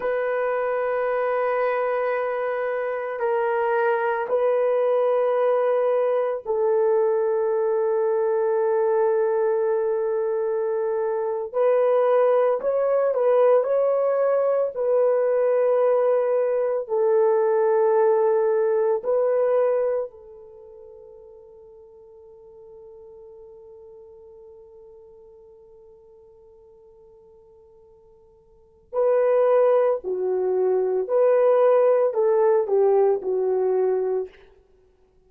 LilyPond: \new Staff \with { instrumentName = "horn" } { \time 4/4 \tempo 4 = 56 b'2. ais'4 | b'2 a'2~ | a'2~ a'8. b'4 cis''16~ | cis''16 b'8 cis''4 b'2 a'16~ |
a'4.~ a'16 b'4 a'4~ a'16~ | a'1~ | a'2. b'4 | fis'4 b'4 a'8 g'8 fis'4 | }